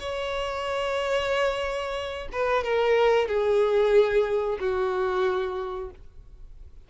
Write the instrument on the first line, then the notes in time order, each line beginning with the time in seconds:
violin
0.00 C#5
2.32 B4
2.64 A#4
3.28 G#4
4.60 F#4